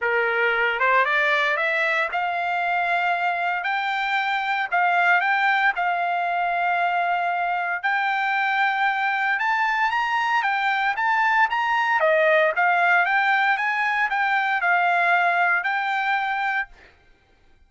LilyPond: \new Staff \with { instrumentName = "trumpet" } { \time 4/4 \tempo 4 = 115 ais'4. c''8 d''4 e''4 | f''2. g''4~ | g''4 f''4 g''4 f''4~ | f''2. g''4~ |
g''2 a''4 ais''4 | g''4 a''4 ais''4 dis''4 | f''4 g''4 gis''4 g''4 | f''2 g''2 | }